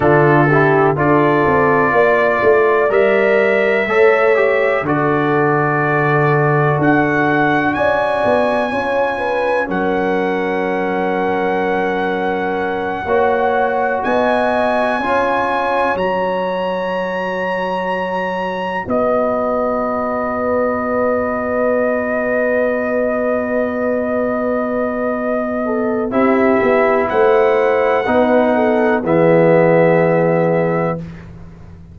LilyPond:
<<
  \new Staff \with { instrumentName = "trumpet" } { \time 4/4 \tempo 4 = 62 a'4 d''2 e''4~ | e''4 d''2 fis''4 | gis''2 fis''2~ | fis''2~ fis''8 gis''4.~ |
gis''8 ais''2. dis''8~ | dis''1~ | dis''2. e''4 | fis''2 e''2 | }
  \new Staff \with { instrumentName = "horn" } { \time 4/4 f'8 g'8 a'4 d''2 | cis''4 a'2. | d''4 cis''8 b'8 ais'2~ | ais'4. cis''4 dis''4 cis''8~ |
cis''2.~ cis''8 b'8~ | b'1~ | b'2~ b'8 a'8 g'4 | c''4 b'8 a'8 gis'2 | }
  \new Staff \with { instrumentName = "trombone" } { \time 4/4 d'8 e'8 f'2 ais'4 | a'8 g'8 fis'2.~ | fis'4 f'4 cis'2~ | cis'4. fis'2 f'8~ |
f'8 fis'2.~ fis'8~ | fis'1~ | fis'2. e'4~ | e'4 dis'4 b2 | }
  \new Staff \with { instrumentName = "tuba" } { \time 4/4 d4 d'8 c'8 ais8 a8 g4 | a4 d2 d'4 | cis'8 b8 cis'4 fis2~ | fis4. ais4 b4 cis'8~ |
cis'8 fis2. b8~ | b1~ | b2. c'8 b8 | a4 b4 e2 | }
>>